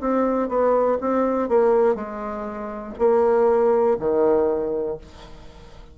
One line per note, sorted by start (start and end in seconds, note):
0.00 0.48 C4
0.48 0.97 B3
1.01 1.48 C4
1.48 1.95 A#3
1.95 2.93 G#3
2.98 3.97 A#3
3.99 4.98 D#3